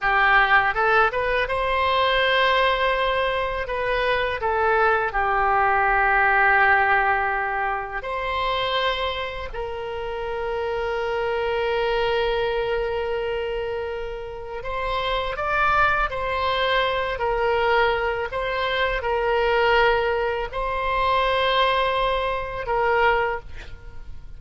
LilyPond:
\new Staff \with { instrumentName = "oboe" } { \time 4/4 \tempo 4 = 82 g'4 a'8 b'8 c''2~ | c''4 b'4 a'4 g'4~ | g'2. c''4~ | c''4 ais'2.~ |
ais'1 | c''4 d''4 c''4. ais'8~ | ais'4 c''4 ais'2 | c''2. ais'4 | }